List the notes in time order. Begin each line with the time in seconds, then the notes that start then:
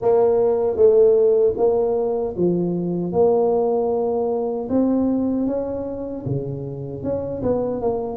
0.01 A#3
0.76 A3
1.57 A#3
2.36 F3
3.12 A#3
4.69 C4
5.47 C#4
6.25 C#3
7.03 C#4
7.42 B3
7.81 A#3